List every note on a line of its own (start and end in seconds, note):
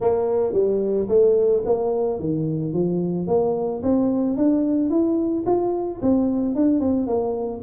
0.00 0.53 A#3
0.53 1.08 G3
1.08 1.63 A3
1.65 2.19 A#3
2.19 2.73 D#3
2.73 3.27 F3
3.27 3.82 A#3
3.82 4.36 C4
4.36 4.90 D4
4.90 5.44 E4
5.45 6.00 F4
6.01 6.55 C4
6.55 6.80 D4
6.80 7.07 C4
7.07 7.61 A#3